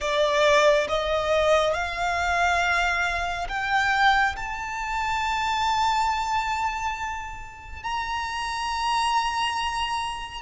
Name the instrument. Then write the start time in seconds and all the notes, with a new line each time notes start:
violin
0.00 D5
0.88 D#5
1.73 F5
3.48 G5
4.36 A5
7.83 A#5